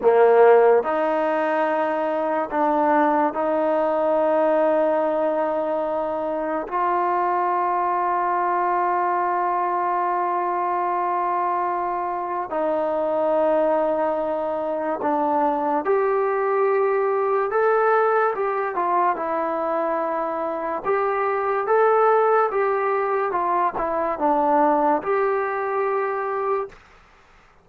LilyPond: \new Staff \with { instrumentName = "trombone" } { \time 4/4 \tempo 4 = 72 ais4 dis'2 d'4 | dis'1 | f'1~ | f'2. dis'4~ |
dis'2 d'4 g'4~ | g'4 a'4 g'8 f'8 e'4~ | e'4 g'4 a'4 g'4 | f'8 e'8 d'4 g'2 | }